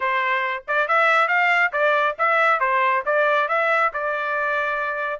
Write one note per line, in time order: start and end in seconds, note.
0.00 0.63 C5
0.67 0.88 D5
0.88 1.28 E5
1.28 1.71 F5
1.72 2.15 D5
2.18 2.60 E5
2.60 3.03 C5
3.05 3.48 D5
3.48 3.92 E5
3.93 5.20 D5